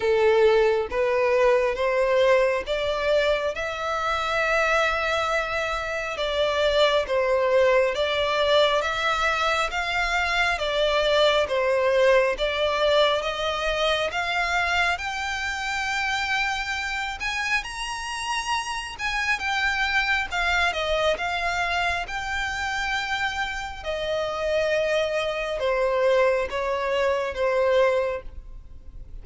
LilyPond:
\new Staff \with { instrumentName = "violin" } { \time 4/4 \tempo 4 = 68 a'4 b'4 c''4 d''4 | e''2. d''4 | c''4 d''4 e''4 f''4 | d''4 c''4 d''4 dis''4 |
f''4 g''2~ g''8 gis''8 | ais''4. gis''8 g''4 f''8 dis''8 | f''4 g''2 dis''4~ | dis''4 c''4 cis''4 c''4 | }